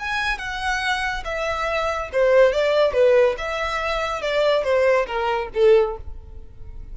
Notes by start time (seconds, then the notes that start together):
0.00 G#5
0.39 F#5
1.25 E5
2.13 C5
2.53 D5
2.94 B4
3.38 E5
4.22 D5
4.64 C5
5.07 A#4
5.55 A4